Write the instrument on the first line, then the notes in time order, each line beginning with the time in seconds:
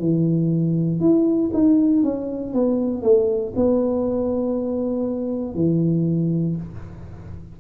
tuba
0.00 E3
1.01 E4
1.54 D#4
2.03 C#4
2.54 B3
3.03 A3
3.56 B3
5.55 E3